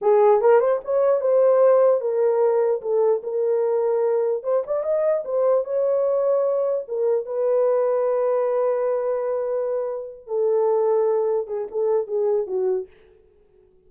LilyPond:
\new Staff \with { instrumentName = "horn" } { \time 4/4 \tempo 4 = 149 gis'4 ais'8 c''8 cis''4 c''4~ | c''4 ais'2 a'4 | ais'2. c''8 d''8 | dis''4 c''4 cis''2~ |
cis''4 ais'4 b'2~ | b'1~ | b'4. a'2~ a'8~ | a'8 gis'8 a'4 gis'4 fis'4 | }